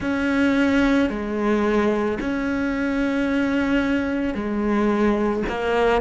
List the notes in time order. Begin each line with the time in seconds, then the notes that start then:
0.00 C#4
1.09 G#3
2.20 C#4
4.34 G#3
5.48 A#3